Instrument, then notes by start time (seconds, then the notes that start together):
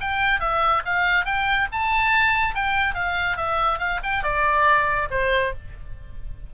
oboe
0.00 G5
0.40 E5
0.85 F5
1.25 G5
1.72 A5
2.54 G5
2.94 F5
3.36 E5
3.79 F5
4.03 G5
4.23 D5
5.10 C5